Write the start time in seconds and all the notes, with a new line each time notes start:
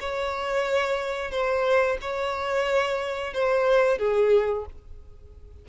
0.00 C#5
1.31 C5
2.01 C#5
3.34 C5
3.99 G#4